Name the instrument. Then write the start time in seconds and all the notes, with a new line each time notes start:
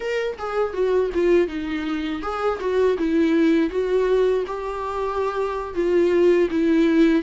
viola
0.00 A#4
0.38 G#4
0.73 F#4
1.14 F4
1.47 D#4
2.22 G#4
2.60 F#4
2.98 E4
3.70 F#4
4.46 G4
5.74 F4
6.50 E4